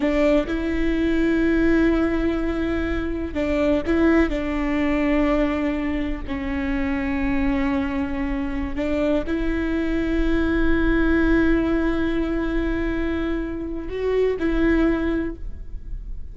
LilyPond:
\new Staff \with { instrumentName = "viola" } { \time 4/4 \tempo 4 = 125 d'4 e'2.~ | e'2. d'4 | e'4 d'2.~ | d'4 cis'2.~ |
cis'2~ cis'16 d'4 e'8.~ | e'1~ | e'1~ | e'4 fis'4 e'2 | }